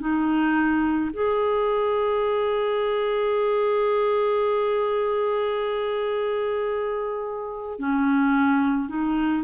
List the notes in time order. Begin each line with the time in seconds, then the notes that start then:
0.00 D#4
1.13 G#4
7.79 C#4
8.89 D#4